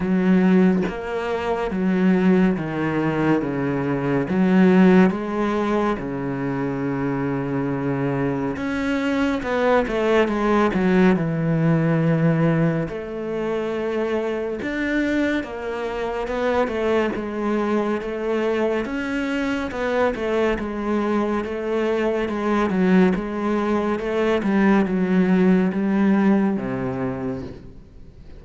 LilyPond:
\new Staff \with { instrumentName = "cello" } { \time 4/4 \tempo 4 = 70 fis4 ais4 fis4 dis4 | cis4 fis4 gis4 cis4~ | cis2 cis'4 b8 a8 | gis8 fis8 e2 a4~ |
a4 d'4 ais4 b8 a8 | gis4 a4 cis'4 b8 a8 | gis4 a4 gis8 fis8 gis4 | a8 g8 fis4 g4 c4 | }